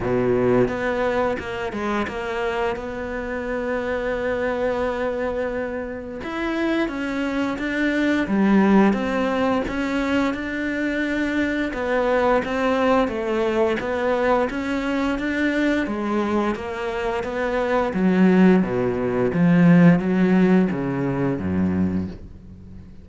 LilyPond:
\new Staff \with { instrumentName = "cello" } { \time 4/4 \tempo 4 = 87 b,4 b4 ais8 gis8 ais4 | b1~ | b4 e'4 cis'4 d'4 | g4 c'4 cis'4 d'4~ |
d'4 b4 c'4 a4 | b4 cis'4 d'4 gis4 | ais4 b4 fis4 b,4 | f4 fis4 cis4 fis,4 | }